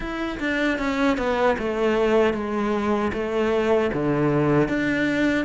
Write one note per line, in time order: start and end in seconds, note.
0.00 0.39 E4
0.39 0.78 D4
0.78 1.17 C#4
1.17 1.56 B3
1.58 2.33 A3
2.33 3.11 G#3
3.13 3.91 A3
3.93 4.68 D3
4.68 5.45 D4